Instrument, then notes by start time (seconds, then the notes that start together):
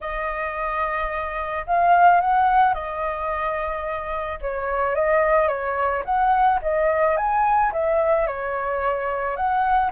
flute
0.00 D#5
1.66 F5
2.20 F#5
2.73 D#5
4.41 C#5
4.95 D#5
5.48 C#5
6.05 F#5
6.62 D#5
7.16 G#5
7.72 E5
8.26 C#5
9.36 F#5